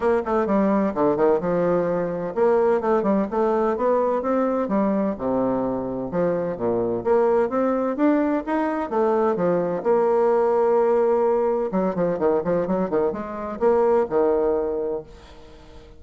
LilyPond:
\new Staff \with { instrumentName = "bassoon" } { \time 4/4 \tempo 4 = 128 ais8 a8 g4 d8 dis8 f4~ | f4 ais4 a8 g8 a4 | b4 c'4 g4 c4~ | c4 f4 ais,4 ais4 |
c'4 d'4 dis'4 a4 | f4 ais2.~ | ais4 fis8 f8 dis8 f8 fis8 dis8 | gis4 ais4 dis2 | }